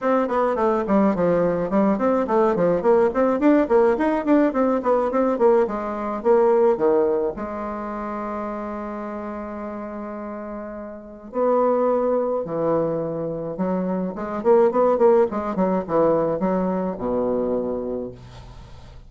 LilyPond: \new Staff \with { instrumentName = "bassoon" } { \time 4/4 \tempo 4 = 106 c'8 b8 a8 g8 f4 g8 c'8 | a8 f8 ais8 c'8 d'8 ais8 dis'8 d'8 | c'8 b8 c'8 ais8 gis4 ais4 | dis4 gis2.~ |
gis1 | b2 e2 | fis4 gis8 ais8 b8 ais8 gis8 fis8 | e4 fis4 b,2 | }